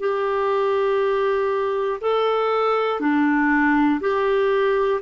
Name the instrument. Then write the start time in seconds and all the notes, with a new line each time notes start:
clarinet
0.00 G4
2.01 A4
3.00 D4
4.01 G4